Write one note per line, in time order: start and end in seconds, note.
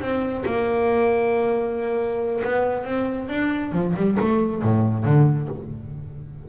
0.00 0.44 C4
0.45 2.42 A#3
2.43 2.84 B3
2.84 3.28 C4
3.28 3.72 D4
3.72 3.94 F3
3.96 4.17 G3
4.19 4.62 A3
4.62 5.04 A2
5.04 5.48 D3